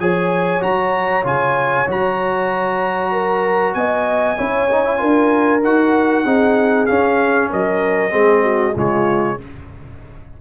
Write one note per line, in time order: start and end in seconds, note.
0.00 0.62 F3
0.00 0.60 G#4
0.00 3.12 C#5
0.00 0.63 G#5
0.60 1.25 F#3
0.60 1.23 F#4
0.60 1.26 A#5
1.24 1.87 C#3
1.24 1.87 F4
1.24 1.89 G#5
1.87 3.75 F#3
1.87 4.37 F#4
1.87 3.74 A#5
3.12 3.75 A#4
3.74 4.38 B3
3.74 4.39 D#5
3.74 5.62 G#5
4.38 5.02 C#4
4.38 4.69 E4
4.38 5.00 C#5
4.72 4.85 D#4
4.85 4.98 E4
4.98 5.63 D4
4.98 5.60 F4
4.98 6.25 A#4
5.63 6.26 D#4
5.63 6.26 F#4
5.63 6.87 F#5
6.25 6.88 C4
6.25 6.88 D#4
6.25 7.50 G#4
6.87 8.10 C#4
6.87 7.52 C#4
6.87 7.49 F5
7.51 8.14 F#3
7.51 8.13 A#4
7.51 8.78 D#5
8.10 8.76 G#3
8.10 8.73 C4
8.10 8.43 G#4
8.43 8.75 F#4
8.75 9.39 C#3
8.75 9.39 G#3
8.75 9.37 F4
8.75 9.41 C#5